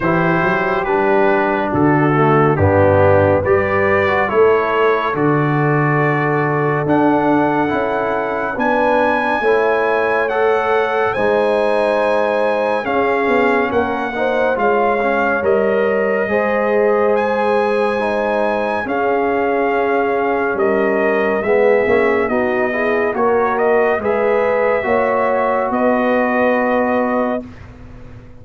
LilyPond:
<<
  \new Staff \with { instrumentName = "trumpet" } { \time 4/4 \tempo 4 = 70 c''4 b'4 a'4 g'4 | d''4 cis''4 d''2 | fis''2 gis''2 | fis''4 gis''2 f''4 |
fis''4 f''4 dis''2 | gis''2 f''2 | dis''4 e''4 dis''4 cis''8 dis''8 | e''2 dis''2 | }
  \new Staff \with { instrumentName = "horn" } { \time 4/4 g'2 fis'4 d'4 | b'4 a'2.~ | a'2 b'4 cis''4~ | cis''4 c''2 gis'4 |
ais'8 c''8 cis''2 c''4~ | c''2 gis'2 | ais'4 gis'4 fis'8 gis'8 ais'4 | b'4 cis''4 b'2 | }
  \new Staff \with { instrumentName = "trombone" } { \time 4/4 e'4 d'4. a8 b4 | g'8. fis'16 e'4 fis'2 | d'4 e'4 d'4 e'4 | a'4 dis'2 cis'4~ |
cis'8 dis'8 f'8 cis'8 ais'4 gis'4~ | gis'4 dis'4 cis'2~ | cis'4 b8 cis'8 dis'8 e'8 fis'4 | gis'4 fis'2. | }
  \new Staff \with { instrumentName = "tuba" } { \time 4/4 e8 fis8 g4 d4 g,4 | g4 a4 d2 | d'4 cis'4 b4 a4~ | a4 gis2 cis'8 b8 |
ais4 gis4 g4 gis4~ | gis2 cis'2 | g4 gis8 ais8 b4 ais4 | gis4 ais4 b2 | }
>>